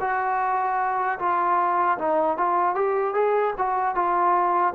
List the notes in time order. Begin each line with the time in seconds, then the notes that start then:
0.00 F#4
1.19 F4
1.98 D#4
2.37 F4
2.75 G4
3.14 G#4
3.57 F#4
3.95 F4